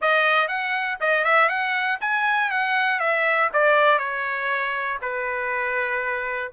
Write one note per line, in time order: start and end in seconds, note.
0.01 0.47 D#5
0.47 0.97 F#5
1.00 1.24 D#5
1.24 1.48 E5
1.48 1.98 F#5
2.00 2.50 G#5
2.50 2.99 F#5
2.99 3.49 E5
3.53 3.98 D5
3.98 4.98 C#5
5.01 6.51 B4